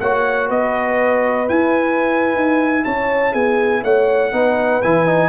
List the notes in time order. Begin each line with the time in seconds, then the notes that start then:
0.00 A#3 F#4 C#5 F#5
0.49 B3 B4 D#5
1.48 E4 G#5
2.35 D#4
2.85 C#4 C#5 A5
3.33 B3 G#4 G#5
3.84 A3 C#5 F#5
4.33 B3 D#4 B4
4.82 E3 E4 G#5
5.07 D#4